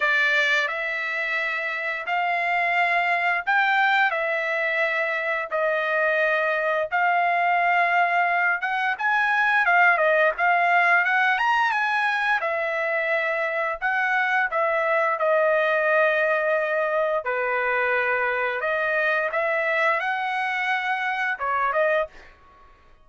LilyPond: \new Staff \with { instrumentName = "trumpet" } { \time 4/4 \tempo 4 = 87 d''4 e''2 f''4~ | f''4 g''4 e''2 | dis''2 f''2~ | f''8 fis''8 gis''4 f''8 dis''8 f''4 |
fis''8 ais''8 gis''4 e''2 | fis''4 e''4 dis''2~ | dis''4 b'2 dis''4 | e''4 fis''2 cis''8 dis''8 | }